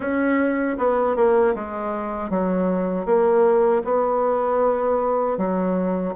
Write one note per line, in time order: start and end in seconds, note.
0.00 0.77 C#4
0.77 1.16 B3
1.16 1.54 A#3
1.55 2.29 G#3
2.29 3.05 F#3
3.05 3.82 A#3
3.84 5.37 B3
5.37 6.14 F#3